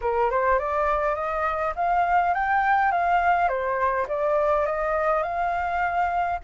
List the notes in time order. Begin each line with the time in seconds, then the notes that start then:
0.01 A#4
0.30 C5
0.58 D5
1.15 D#5
1.75 F5
2.34 G5
2.91 F5
3.48 C5
4.08 D5
4.66 D#5
5.22 F5